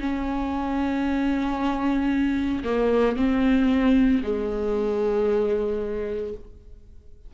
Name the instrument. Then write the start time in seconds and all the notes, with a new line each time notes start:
viola
0.00 C#4
2.64 A#3
3.16 C4
4.23 G#3